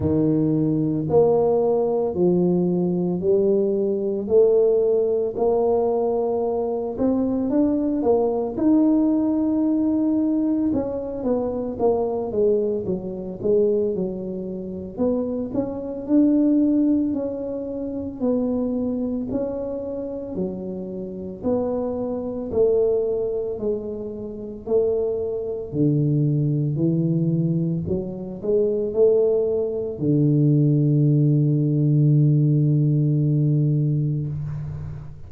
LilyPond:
\new Staff \with { instrumentName = "tuba" } { \time 4/4 \tempo 4 = 56 dis4 ais4 f4 g4 | a4 ais4. c'8 d'8 ais8 | dis'2 cis'8 b8 ais8 gis8 | fis8 gis8 fis4 b8 cis'8 d'4 |
cis'4 b4 cis'4 fis4 | b4 a4 gis4 a4 | d4 e4 fis8 gis8 a4 | d1 | }